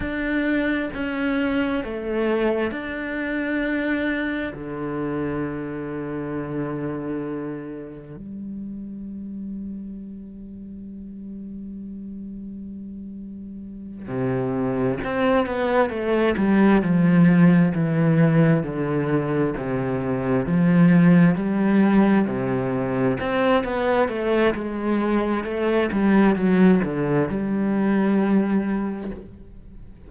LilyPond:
\new Staff \with { instrumentName = "cello" } { \time 4/4 \tempo 4 = 66 d'4 cis'4 a4 d'4~ | d'4 d2.~ | d4 g2.~ | g2.~ g8 c8~ |
c8 c'8 b8 a8 g8 f4 e8~ | e8 d4 c4 f4 g8~ | g8 c4 c'8 b8 a8 gis4 | a8 g8 fis8 d8 g2 | }